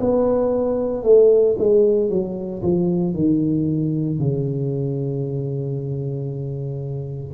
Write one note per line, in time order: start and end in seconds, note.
0.00 1.03 B3
1.03 1.56 A3
1.58 2.10 G#3
2.10 2.62 F#3
2.63 3.14 F3
3.14 4.19 D#3
4.20 7.34 C#3